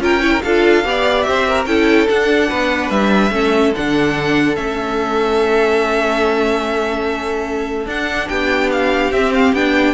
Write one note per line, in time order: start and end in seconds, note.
0.00 0.41 C#4
0.00 0.21 F4
0.00 0.21 A#4
0.00 0.42 G5
0.21 0.41 E4
0.21 0.31 C#5
0.32 0.42 A#4
0.42 0.84 D4
0.42 0.84 F4
0.42 0.86 A4
0.42 1.22 F5
0.84 1.26 B3
0.84 1.67 G4
0.84 1.28 D5
1.22 1.48 C5
1.22 1.63 E5
1.29 1.66 C4
1.48 1.68 A#4
1.66 2.07 C#4
1.66 2.07 E4
1.66 2.49 A4
1.66 2.07 G5
2.07 3.31 D4
2.07 2.51 D4
2.07 2.90 F#5
2.49 2.90 B3
2.49 3.32 B4
2.90 3.31 G3
2.90 3.73 E5
3.31 3.72 A3
3.31 3.73 C#4
3.31 8.28 A4
3.75 4.57 D3
3.75 4.56 D4
3.75 4.55 F#5
4.55 7.86 A3
4.55 7.87 C#4
4.55 7.86 E5
7.86 8.27 D4
7.86 9.12 D4
7.86 8.28 F#5
8.28 9.11 B3
8.28 9.93 G4
8.28 8.70 G5
8.72 9.12 F5
9.11 9.52 C4
9.11 9.55 C4
9.11 9.32 E5
9.34 9.54 F5
9.52 9.94 B3
9.52 9.94 D4
9.52 9.94 G5